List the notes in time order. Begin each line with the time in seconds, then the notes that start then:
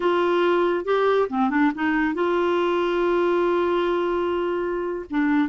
0.00 F4
0.84 G4
1.29 C4
1.50 D4
1.74 D#4
2.14 F4
5.10 D4